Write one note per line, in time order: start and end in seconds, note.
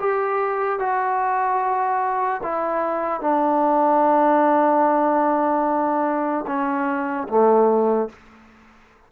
0.00 0.80 G4
0.80 2.42 F#4
2.43 3.21 E4
3.21 6.46 D4
6.47 7.28 C#4
7.29 8.10 A3